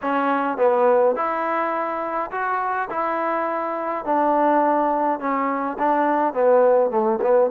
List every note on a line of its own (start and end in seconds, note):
0.02 0.57 C#4
0.57 1.15 B3
1.15 2.31 E4
2.31 2.88 F#4
2.90 4.05 E4
4.05 5.19 D4
5.19 5.77 C#4
5.78 6.33 D4
6.33 6.90 B3
6.90 7.19 A3
7.21 7.50 B3